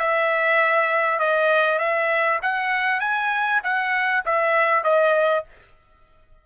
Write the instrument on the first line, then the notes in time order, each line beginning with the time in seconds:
trumpet
0.00 E5
1.20 D#5
1.79 E5
2.42 F#5
3.01 G#5
3.64 F#5
4.26 E5
4.84 D#5